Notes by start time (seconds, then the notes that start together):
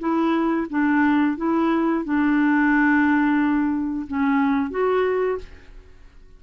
0.00 E4
0.70 D4
1.38 E4
2.05 D4
4.08 C#4
4.71 F#4